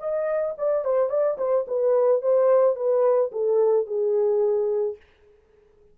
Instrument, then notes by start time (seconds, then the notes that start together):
horn
0.00 D#5
0.58 D5
0.85 C5
1.10 D5
1.38 C5
1.68 B4
2.22 C5
2.76 B4
3.32 A4
3.87 G#4